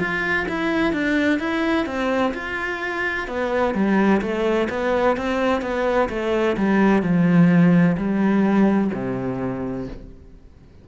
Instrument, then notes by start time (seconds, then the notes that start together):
cello
0.00 F4
0.49 E4
0.93 D4
1.39 E4
1.86 C4
2.34 F4
3.28 B3
3.75 G3
4.22 A3
4.70 B3
5.17 C4
5.62 B3
6.10 A3
6.57 G3
7.03 F3
7.97 G3
8.94 C3